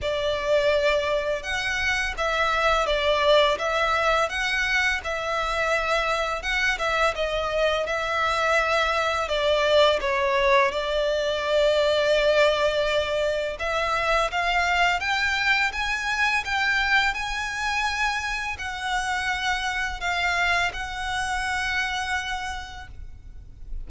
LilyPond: \new Staff \with { instrumentName = "violin" } { \time 4/4 \tempo 4 = 84 d''2 fis''4 e''4 | d''4 e''4 fis''4 e''4~ | e''4 fis''8 e''8 dis''4 e''4~ | e''4 d''4 cis''4 d''4~ |
d''2. e''4 | f''4 g''4 gis''4 g''4 | gis''2 fis''2 | f''4 fis''2. | }